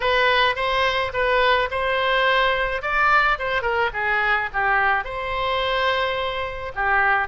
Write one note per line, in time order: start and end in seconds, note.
0.00 0.55 B4
0.55 1.11 C5
1.13 1.69 B4
1.71 2.81 C5
2.81 3.37 D5
3.38 3.62 C5
3.62 3.90 A#4
3.93 4.49 G#4
4.53 5.04 G4
5.04 6.72 C5
6.75 7.28 G4